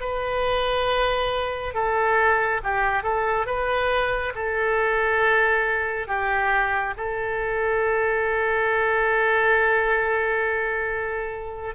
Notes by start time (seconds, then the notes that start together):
0.00 B4
1.74 A4
2.63 G4
3.03 A4
3.46 B4
4.35 A4
6.07 G4
6.97 A4